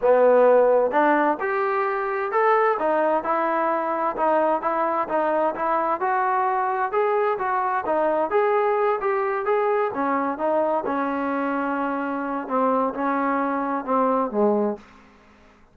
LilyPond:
\new Staff \with { instrumentName = "trombone" } { \time 4/4 \tempo 4 = 130 b2 d'4 g'4~ | g'4 a'4 dis'4 e'4~ | e'4 dis'4 e'4 dis'4 | e'4 fis'2 gis'4 |
fis'4 dis'4 gis'4. g'8~ | g'8 gis'4 cis'4 dis'4 cis'8~ | cis'2. c'4 | cis'2 c'4 gis4 | }